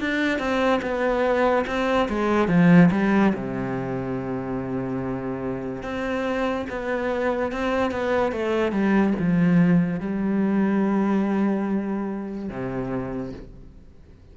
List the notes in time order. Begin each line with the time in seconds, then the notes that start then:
0.00 D4
0.39 C4
0.82 B3
1.67 C4
2.09 G#3
2.48 F3
2.92 G3
3.34 C3
5.83 C4
6.70 B3
7.52 C4
7.92 B3
8.33 A3
8.72 G3
9.19 F3
10.00 G3
12.50 C3